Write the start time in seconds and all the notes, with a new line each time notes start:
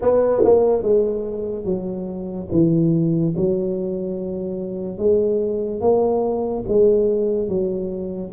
0.01 B3
0.44 A#3
0.82 G#3
1.64 F#3
2.51 E3
3.36 F#3
4.98 G#3
5.80 A#3
6.67 G#3
7.48 F#3